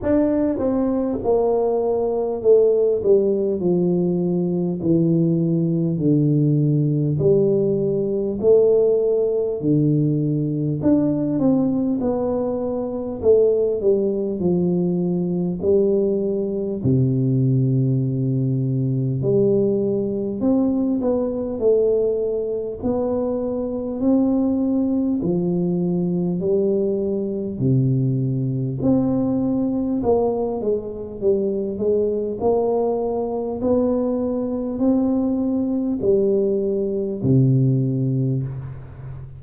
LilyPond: \new Staff \with { instrumentName = "tuba" } { \time 4/4 \tempo 4 = 50 d'8 c'8 ais4 a8 g8 f4 | e4 d4 g4 a4 | d4 d'8 c'8 b4 a8 g8 | f4 g4 c2 |
g4 c'8 b8 a4 b4 | c'4 f4 g4 c4 | c'4 ais8 gis8 g8 gis8 ais4 | b4 c'4 g4 c4 | }